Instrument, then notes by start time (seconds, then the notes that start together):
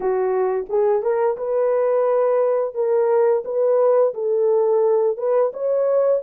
horn
0.00 F#4
0.69 G#4
1.02 A#4
1.37 B4
2.74 A#4
3.45 B4
4.14 A4
5.17 B4
5.53 C#5